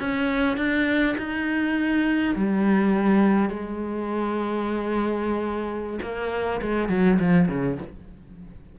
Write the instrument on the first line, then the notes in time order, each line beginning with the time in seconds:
cello
0.00 C#4
0.57 D4
1.18 D#4
2.36 G3
3.50 G#3
6.02 A#3
6.62 G#3
6.89 F#3
7.20 F3
7.49 C#3